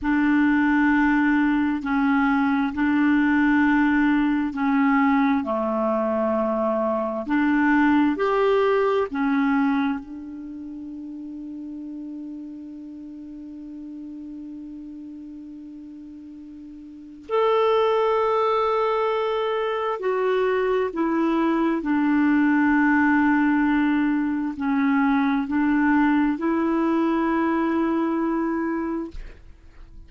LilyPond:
\new Staff \with { instrumentName = "clarinet" } { \time 4/4 \tempo 4 = 66 d'2 cis'4 d'4~ | d'4 cis'4 a2 | d'4 g'4 cis'4 d'4~ | d'1~ |
d'2. a'4~ | a'2 fis'4 e'4 | d'2. cis'4 | d'4 e'2. | }